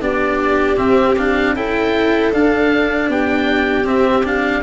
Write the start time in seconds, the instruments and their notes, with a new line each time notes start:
0.00 tuba B3, cello D4, viola G4, oboe D5
0.76 cello C4, tuba C4, oboe E5
1.17 cello D4, oboe F5
1.55 tuba C#4, cello E4, viola A4, oboe G5
2.32 cello D4, tuba D4, oboe F5
3.08 tuba B3, viola G4, oboe G5
3.84 tuba C4, cello C4, oboe E5
4.24 cello D4, oboe F5